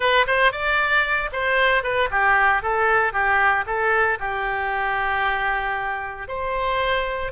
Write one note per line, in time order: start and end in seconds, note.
0.00 0.26 B4
0.27 0.51 C5
0.51 1.30 D5
1.32 1.83 C5
1.83 2.09 B4
2.10 2.62 G4
2.62 3.12 A4
3.12 3.65 G4
3.66 4.18 A4
4.19 6.28 G4
6.28 7.32 C5